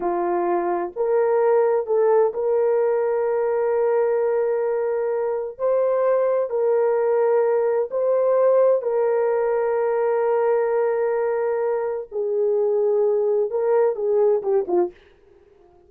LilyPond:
\new Staff \with { instrumentName = "horn" } { \time 4/4 \tempo 4 = 129 f'2 ais'2 | a'4 ais'2.~ | ais'1 | c''2 ais'2~ |
ais'4 c''2 ais'4~ | ais'1~ | ais'2 gis'2~ | gis'4 ais'4 gis'4 g'8 f'8 | }